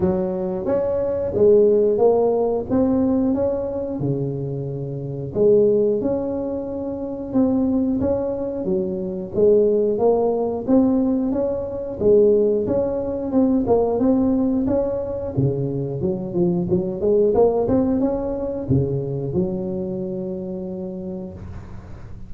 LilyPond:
\new Staff \with { instrumentName = "tuba" } { \time 4/4 \tempo 4 = 90 fis4 cis'4 gis4 ais4 | c'4 cis'4 cis2 | gis4 cis'2 c'4 | cis'4 fis4 gis4 ais4 |
c'4 cis'4 gis4 cis'4 | c'8 ais8 c'4 cis'4 cis4 | fis8 f8 fis8 gis8 ais8 c'8 cis'4 | cis4 fis2. | }